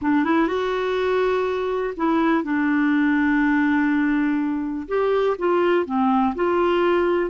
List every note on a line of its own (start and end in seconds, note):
0.01 0.24 D4
0.24 0.47 E4
0.47 1.94 F#4
1.96 2.43 E4
2.43 4.87 D4
4.88 5.36 G4
5.38 5.85 F4
5.85 6.34 C4
6.35 7.30 F4